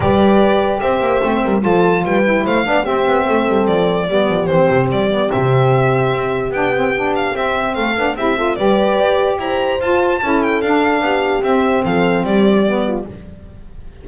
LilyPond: <<
  \new Staff \with { instrumentName = "violin" } { \time 4/4 \tempo 4 = 147 d''2 e''2 | a''4 g''4 f''4 e''4~ | e''4 d''2 c''4 | d''4 e''2. |
g''4. f''8 e''4 f''4 | e''4 d''2 ais''4 | a''4. g''8 f''2 | e''4 f''4 d''2 | }
  \new Staff \with { instrumentName = "horn" } { \time 4/4 b'2 c''4. ais'8 | a'4 b'4 c''8 d''8 g'4 | a'2 g'2~ | g'1~ |
g'2. a'4 | g'8 a'8 b'2 c''4~ | c''4 a'2 g'4~ | g'4 a'4 g'4. f'8 | }
  \new Staff \with { instrumentName = "saxophone" } { \time 4/4 g'2. c'4 | f'4. e'4 d'8 c'4~ | c'2 b4 c'4~ | c'8 b8 c'2. |
d'8 c'8 d'4 c'4. d'8 | e'8 f'8 g'2. | f'4 e'4 d'2 | c'2. b4 | }
  \new Staff \with { instrumentName = "double bass" } { \time 4/4 g2 c'8 ais8 a8 g8 | f4 g4 a8 b8 c'8 b8 | a8 g8 f4 g8 f8 e8 c8 | g4 c2 c'4 |
b2 c'4 a8 b8 | c'4 g4 g'4 e'4 | f'4 cis'4 d'4 b4 | c'4 f4 g2 | }
>>